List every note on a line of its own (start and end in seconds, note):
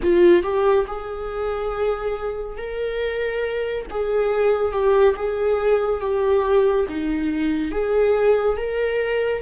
0.02 0.42 F4
0.42 0.85 G4
0.86 2.57 G#4
2.57 3.85 A#4
3.90 4.71 G#4
4.71 5.14 G4
5.15 6.00 G#4
6.00 6.86 G4
6.88 7.71 D#4
7.71 8.57 G#4
8.57 9.42 A#4